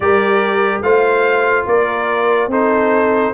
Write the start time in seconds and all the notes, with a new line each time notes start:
0.00 G3 G4 A#4 D5
0.81 A3 F4 C5 F5
1.66 A#3 A#4 D5
2.47 C4 D#4 A4 C5